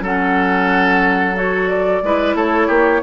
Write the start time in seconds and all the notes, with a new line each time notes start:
0.00 F#3 C#4 A4 F#5
1.35 F#4 C#5
1.69 D5
2.03 G#3 E4 B4
2.34 A3 A4 C#5
2.67 A#3 G4